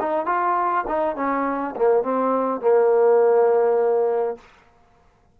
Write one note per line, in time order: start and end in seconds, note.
0.00 0.26 D#4
0.26 0.85 F4
0.88 1.16 D#4
1.16 1.75 C#4
1.76 2.03 A#3
2.03 2.61 C4
2.61 4.38 A#3